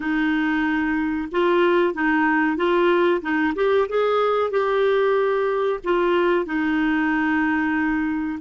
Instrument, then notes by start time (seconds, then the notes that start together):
clarinet
0.00 D#4
1.31 F4
1.94 D#4
2.56 F4
3.21 D#4
3.55 G4
3.88 G#4
4.50 G4
5.84 F4
6.45 D#4